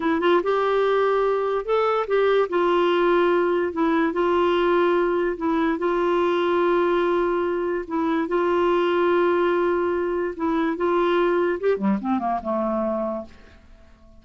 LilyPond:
\new Staff \with { instrumentName = "clarinet" } { \time 4/4 \tempo 4 = 145 e'8 f'8 g'2. | a'4 g'4 f'2~ | f'4 e'4 f'2~ | f'4 e'4 f'2~ |
f'2. e'4 | f'1~ | f'4 e'4 f'2 | g'8 g8 c'8 ais8 a2 | }